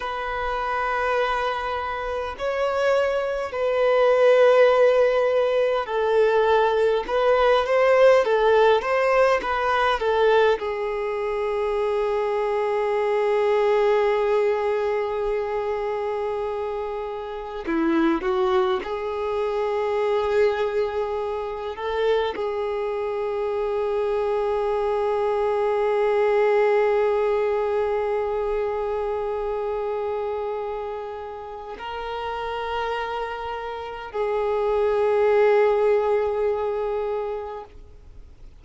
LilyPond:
\new Staff \with { instrumentName = "violin" } { \time 4/4 \tempo 4 = 51 b'2 cis''4 b'4~ | b'4 a'4 b'8 c''8 a'8 c''8 | b'8 a'8 gis'2.~ | gis'2. e'8 fis'8 |
gis'2~ gis'8 a'8 gis'4~ | gis'1~ | gis'2. ais'4~ | ais'4 gis'2. | }